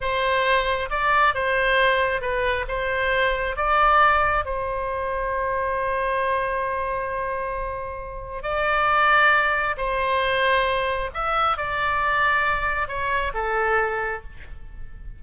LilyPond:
\new Staff \with { instrumentName = "oboe" } { \time 4/4 \tempo 4 = 135 c''2 d''4 c''4~ | c''4 b'4 c''2 | d''2 c''2~ | c''1~ |
c''2. d''4~ | d''2 c''2~ | c''4 e''4 d''2~ | d''4 cis''4 a'2 | }